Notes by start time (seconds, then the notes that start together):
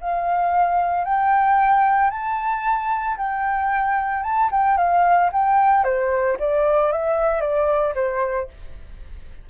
0.00 F5
1.04 G5
2.10 A5
3.17 G5
4.23 A5
4.51 G5
4.77 F5
5.32 G5
5.84 C5
6.39 D5
6.91 E5
7.40 D5
7.94 C5